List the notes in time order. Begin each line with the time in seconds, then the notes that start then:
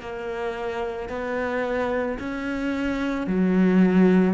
0.00 A#3
1.09 B3
2.19 C#4
3.27 F#3